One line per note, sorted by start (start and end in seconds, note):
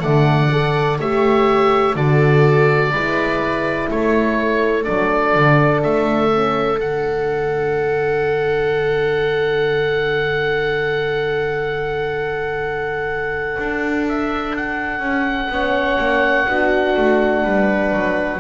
0.00 0.99 D3
0.00 0.48 A3
0.00 0.98 D5
0.00 0.97 F#5
0.51 1.00 A4
0.98 1.95 A3
0.98 1.96 G4
0.98 1.95 C#5
0.98 1.96 E5
1.95 2.92 D3
1.95 2.93 F#4
1.95 2.92 A4
1.95 3.90 D5
2.92 3.89 G#3
2.92 4.86 E4
2.92 3.89 B4
3.90 4.87 A3
3.90 15.52 A4
3.90 4.84 C#5
4.84 5.35 F#3
4.84 6.31 D4
4.84 5.81 D5
5.35 5.84 D3
5.83 6.79 A3
5.83 6.80 E5
6.31 6.76 C#4
6.76 13.56 D3
6.76 15.47 D4
6.76 14.06 F#5
13.58 14.99 D4
14.09 14.56 E5
14.56 18.40 F#5
14.99 15.48 C#4
15.49 15.98 B3
15.49 16.47 C#4
15.49 16.49 C#5
15.99 16.47 A#3
16.47 16.96 B3
16.47 18.40 D4
16.47 17.44 F#4
16.96 17.44 A3
17.44 17.92 G3
17.44 18.40 B4
17.93 18.40 F#3